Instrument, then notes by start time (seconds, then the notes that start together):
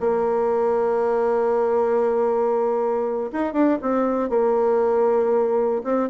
bassoon
0.00 A#3
3.32 D#4
3.53 D4
3.82 C4
4.29 A#3
5.84 C4